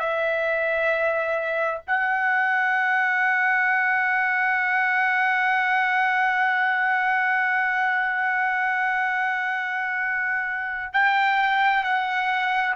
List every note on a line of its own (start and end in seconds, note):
0.00 1.82 E5
1.88 10.94 F#5
10.94 11.84 G5
11.84 12.75 F#5